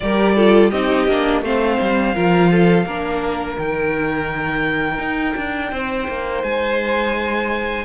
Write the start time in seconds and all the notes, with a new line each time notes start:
0.00 G3 G4 A#4 D5
0.35 F4 A4
0.70 C4 D#4 G4 D#5
1.07 A#3 D4
1.41 A3 C4 C5 F5
1.80 G3
2.14 F3 F4 A#4
2.50 A4
2.85 A#3 D4 A#4
3.57 D#3 D#4 G5
4.98 D#4
5.36 D4
5.70 C4 C5
6.07 A#3
6.43 G#3 G#5